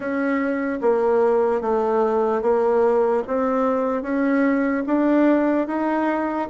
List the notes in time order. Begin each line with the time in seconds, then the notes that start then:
0.00 C#4
0.81 A#3
1.61 A3
2.41 A#3
3.27 C4
4.02 C#4
4.86 D4
5.67 D#4